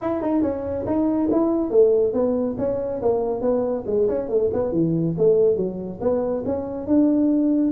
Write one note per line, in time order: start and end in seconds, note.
0.01 0.21 E4
0.21 0.42 D#4
0.42 0.85 C#4
0.86 1.29 D#4
1.31 1.70 E4
1.70 2.13 A3
2.13 2.56 B3
2.58 3.01 C#4
3.02 3.41 A#3
3.41 3.84 B3
3.86 4.08 G#3
4.08 4.28 C#4
4.28 4.50 A3
4.53 4.72 B3
4.72 5.15 E3
5.17 5.56 A3
5.56 5.99 F#3
6.00 6.43 B3
6.45 6.86 C#4
6.86 7.71 D4